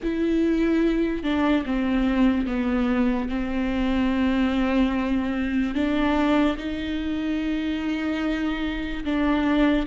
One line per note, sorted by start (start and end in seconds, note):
0.02 1.23 E4
1.23 1.64 D4
1.65 2.46 C4
2.46 3.28 B3
3.28 5.74 C4
5.74 6.56 D4
6.57 9.03 D#4
9.04 9.86 D4